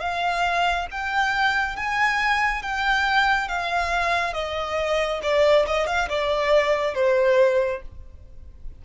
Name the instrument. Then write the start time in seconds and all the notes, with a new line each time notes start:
violin
0.00 F5
0.91 G5
1.76 G#5
2.62 G5
3.48 F5
4.33 D#5
5.22 D5
5.66 D#5
5.87 F5
6.09 D5
6.94 C5